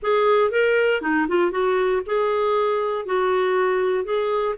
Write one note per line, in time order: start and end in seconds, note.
0.02 0.50 G#4
0.50 1.01 A#4
1.01 1.27 D#4
1.28 1.51 F4
1.51 2.02 F#4
2.05 3.05 G#4
3.05 4.04 F#4
4.04 4.55 G#4